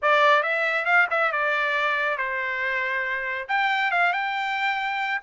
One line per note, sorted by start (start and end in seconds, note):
0.02 0.42 D5
0.42 0.85 E5
0.85 1.07 F5
1.10 1.32 E5
1.32 2.17 D5
2.17 3.47 C5
3.48 3.91 G5
3.91 4.12 F5
4.12 5.21 G5